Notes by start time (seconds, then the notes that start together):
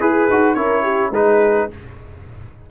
0.00 E4 G#4 B4
0.30 D#4 F#4
0.55 C#4 E4 A#4 C#5
0.83 G4
1.11 G#3 D#4 G#4 B4